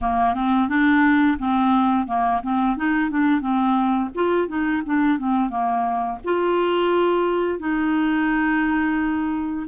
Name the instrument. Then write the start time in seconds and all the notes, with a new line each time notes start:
clarinet
0.01 A#3
0.34 C4
0.68 D4
1.38 C4
2.07 A#3
2.42 C4
2.76 D#4
3.10 D4
3.40 C4
4.14 F4
4.48 D#4
4.85 D4
5.18 C4
5.49 A#3
6.24 F4
7.59 D#4